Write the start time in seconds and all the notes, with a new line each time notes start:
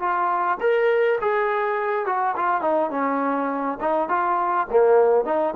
0.00 F4
0.61 A#4
1.21 G#4
2.06 F#4
2.36 F4
2.61 D#4
2.91 C#4
3.81 D#4
4.09 F4
4.71 A#3
5.25 D#4